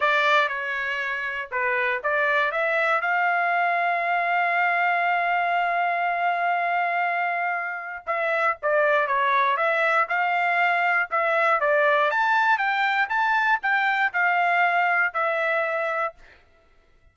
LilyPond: \new Staff \with { instrumentName = "trumpet" } { \time 4/4 \tempo 4 = 119 d''4 cis''2 b'4 | d''4 e''4 f''2~ | f''1~ | f''1 |
e''4 d''4 cis''4 e''4 | f''2 e''4 d''4 | a''4 g''4 a''4 g''4 | f''2 e''2 | }